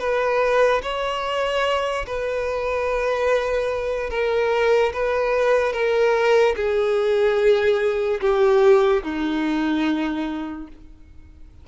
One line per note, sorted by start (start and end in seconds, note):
0.00 0.82 B4
0.83 2.06 C#5
2.07 4.11 B4
4.11 4.93 A#4
4.94 5.73 B4
5.73 6.56 A#4
6.56 8.21 G#4
8.21 9.03 G4
9.04 10.68 D#4